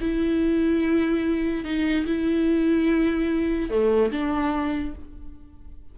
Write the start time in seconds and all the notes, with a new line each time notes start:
0.00 E4
1.64 D#4
2.06 E4
3.70 A3
4.11 D4